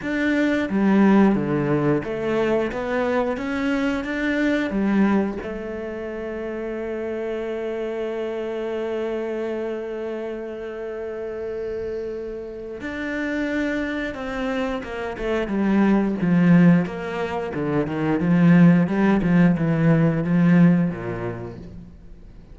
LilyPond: \new Staff \with { instrumentName = "cello" } { \time 4/4 \tempo 4 = 89 d'4 g4 d4 a4 | b4 cis'4 d'4 g4 | a1~ | a1~ |
a2. d'4~ | d'4 c'4 ais8 a8 g4 | f4 ais4 d8 dis8 f4 | g8 f8 e4 f4 ais,4 | }